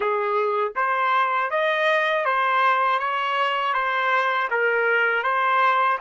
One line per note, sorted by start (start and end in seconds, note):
0.00 0.72 G#4
0.75 1.50 C5
1.50 2.25 D#5
2.25 2.99 C5
2.99 3.73 C#5
3.73 4.48 C5
4.50 5.23 A#4
5.23 5.98 C5